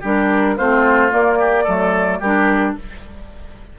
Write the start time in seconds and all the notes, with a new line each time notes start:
0.00 G3 D4 G4 A#4
0.56 A3 C4 F4 C5
1.10 A#3 D5
1.39 G4
1.63 F#3 A3 A4
2.20 G3 D4 G4 A#4